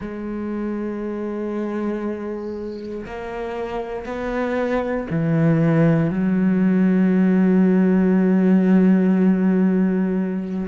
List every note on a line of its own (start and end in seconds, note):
0.00 3.05 G#3
3.06 4.05 A#3
4.05 5.07 B3
5.10 6.10 E3
6.10 10.67 F#3